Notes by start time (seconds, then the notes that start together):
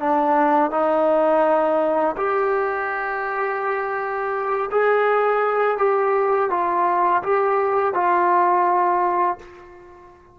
0.00 D4
0.71 D#4
2.17 G4
4.72 G#4
5.78 G4
6.51 F4
7.23 G4
7.95 F4